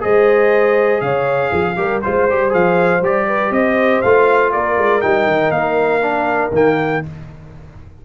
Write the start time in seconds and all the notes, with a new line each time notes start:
0.00 G#3 G#4 C5 D#5
1.01 C#3 C#5 F5
1.50 F3 G#4
1.76 G3 G4 A#4
2.01 G#3 F4 C5
2.29 G3 G4
2.49 F3 G#4 F5
3.01 G3 G4 D5
3.27 B4
3.50 C4 C5 D#5
4.01 A3 F4 F5
4.52 A#3 A#4 D5
4.77 G#3
5.01 G3 D#4 G5
5.26 D#3
5.50 A#3 F5
6.01 D4
6.51 D#3 A#3 G5